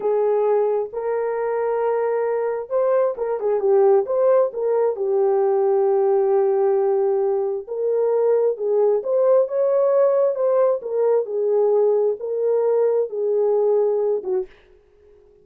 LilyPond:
\new Staff \with { instrumentName = "horn" } { \time 4/4 \tempo 4 = 133 gis'2 ais'2~ | ais'2 c''4 ais'8 gis'8 | g'4 c''4 ais'4 g'4~ | g'1~ |
g'4 ais'2 gis'4 | c''4 cis''2 c''4 | ais'4 gis'2 ais'4~ | ais'4 gis'2~ gis'8 fis'8 | }